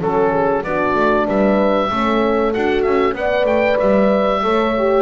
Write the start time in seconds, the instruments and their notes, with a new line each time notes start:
0.00 double bass F#3, horn C#4 A4, oboe A4
0.31 horn G#4
0.63 double bass B3, horn D4 F#4, oboe D5
0.95 double bass A3
1.27 double bass G3, horn B4, oboe E5
1.90 double bass A3, horn C#4 A4
2.53 double bass D4, horn F#4, oboe F#5
2.82 double bass C#4, oboe E5
3.13 double bass B3, horn B4 D5, oboe F#5
3.44 double bass A3, oboe G5
3.80 double bass G3, oboe E5
4.42 double bass A3, horn A4 C#5
4.78 horn G4